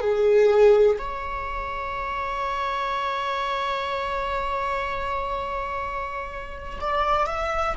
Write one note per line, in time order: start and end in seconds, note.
0.00 0.97 G#4
0.98 6.79 C#5
6.80 7.26 D5
7.26 7.75 E5